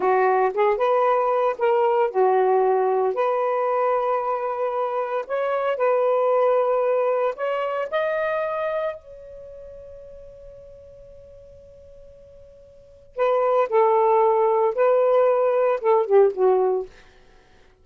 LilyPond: \new Staff \with { instrumentName = "saxophone" } { \time 4/4 \tempo 4 = 114 fis'4 gis'8 b'4. ais'4 | fis'2 b'2~ | b'2 cis''4 b'4~ | b'2 cis''4 dis''4~ |
dis''4 cis''2.~ | cis''1~ | cis''4 b'4 a'2 | b'2 a'8 g'8 fis'4 | }